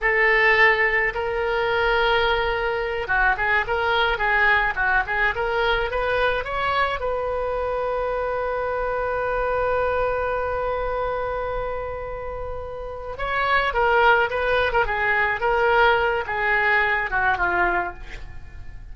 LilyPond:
\new Staff \with { instrumentName = "oboe" } { \time 4/4 \tempo 4 = 107 a'2 ais'2~ | ais'4. fis'8 gis'8 ais'4 gis'8~ | gis'8 fis'8 gis'8 ais'4 b'4 cis''8~ | cis''8 b'2.~ b'8~ |
b'1~ | b'2.~ b'8 cis''8~ | cis''8 ais'4 b'8. ais'16 gis'4 ais'8~ | ais'4 gis'4. fis'8 f'4 | }